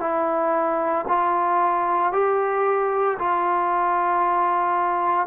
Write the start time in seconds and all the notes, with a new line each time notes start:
0.00 E4
1.08 F4
2.12 G4
3.19 F4